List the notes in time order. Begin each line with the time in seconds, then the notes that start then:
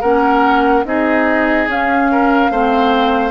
0.00 A#3 C#4 A#4 F#5
0.84 C4 D#4 G#4 D#5
1.67 C#4 F5
2.11 A#4
2.50 A3 C4 C5